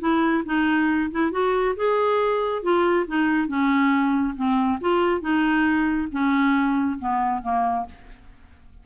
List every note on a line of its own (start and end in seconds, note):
0.00 0.43 E4
0.46 1.11 D#4
1.11 1.32 E4
1.32 1.75 F#4
1.76 2.63 G#4
2.63 3.06 F4
3.07 3.48 D#4
3.48 4.35 C#4
4.36 4.79 C4
4.81 5.21 F4
5.21 6.08 D#4
6.12 6.99 C#4
6.99 7.42 B3
7.42 7.86 A#3